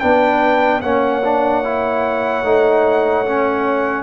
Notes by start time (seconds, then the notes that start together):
0.00 B3 D4 B4 G5
0.82 A#3 C#4 C#5 F#5
1.24 D4
1.64 E4
2.44 A3 D#4
3.26 C#4